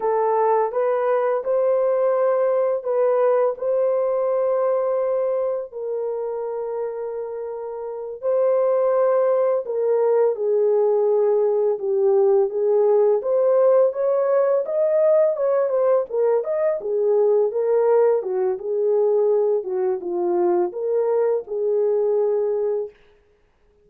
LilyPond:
\new Staff \with { instrumentName = "horn" } { \time 4/4 \tempo 4 = 84 a'4 b'4 c''2 | b'4 c''2. | ais'2.~ ais'8 c''8~ | c''4. ais'4 gis'4.~ |
gis'8 g'4 gis'4 c''4 cis''8~ | cis''8 dis''4 cis''8 c''8 ais'8 dis''8 gis'8~ | gis'8 ais'4 fis'8 gis'4. fis'8 | f'4 ais'4 gis'2 | }